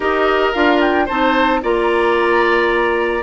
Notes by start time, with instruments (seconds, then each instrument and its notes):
0.00 bassoon D#4, clarinet G4, oboe A#4, flute D#5
0.53 bassoon D4, clarinet F4, flute F5
0.80 flute G5
1.05 bassoon C4, clarinet D#4, oboe C5, flute A5
1.61 bassoon A#3, clarinet F4, oboe D5, flute A#5